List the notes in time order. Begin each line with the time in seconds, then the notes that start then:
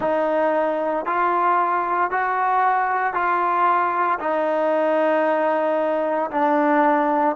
0.00 D#4
1.05 F4
2.11 F#4
3.13 F4
4.19 D#4
6.31 D4